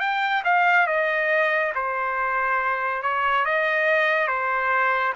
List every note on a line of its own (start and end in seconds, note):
0.00 0.43 G5
0.44 0.87 F5
0.87 1.73 D#5
1.75 3.02 C5
3.02 3.45 C#5
3.45 4.28 D#5
4.28 5.14 C5